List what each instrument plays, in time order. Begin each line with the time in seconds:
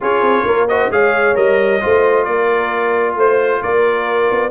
0.00 tuba C#4, trombone F4, horn G#4, trumpet C#5
0.21 tuba C4
0.45 tuba A#3, horn A#4
0.68 trombone F#4, horn C5, trumpet D#5
0.90 tuba G#3, trombone G#4, horn C#5, trumpet F5
1.34 tuba G3, trombone A#4, trumpet D#5
1.80 tuba A3, trombone F4, horn C5
2.24 tuba A#3, horn A#4, trumpet D5
3.15 tuba A3, horn C5, trumpet C5
3.61 tuba A#3, horn A#4, trumpet D5
4.31 tuba B3